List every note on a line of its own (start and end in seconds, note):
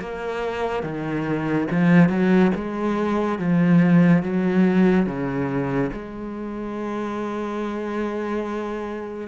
0.00 0.83 A#3
0.83 1.67 D#3
1.71 2.09 F3
2.09 2.51 F#3
2.55 3.39 G#3
3.39 4.23 F3
4.23 5.06 F#3
5.06 5.91 C#3
5.92 9.28 G#3